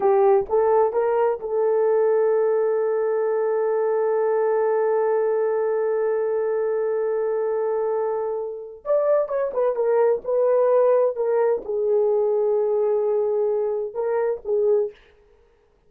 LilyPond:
\new Staff \with { instrumentName = "horn" } { \time 4/4 \tempo 4 = 129 g'4 a'4 ais'4 a'4~ | a'1~ | a'1~ | a'1~ |
a'2. d''4 | cis''8 b'8 ais'4 b'2 | ais'4 gis'2.~ | gis'2 ais'4 gis'4 | }